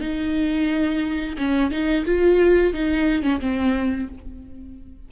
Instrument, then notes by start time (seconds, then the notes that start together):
viola
0.00 D#4
1.38 C#4
1.71 D#4
2.05 F4
2.73 D#4
3.22 C#4
3.40 C4